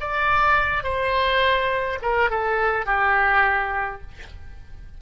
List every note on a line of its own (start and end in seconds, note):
0.00 0.83 D5
0.83 1.99 C5
2.01 2.30 A#4
2.30 2.86 A4
2.86 4.01 G4